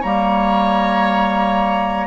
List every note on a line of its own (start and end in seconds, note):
0.00 2.07 G3
0.00 2.07 A#3
0.00 2.07 C#5
0.00 2.07 A#5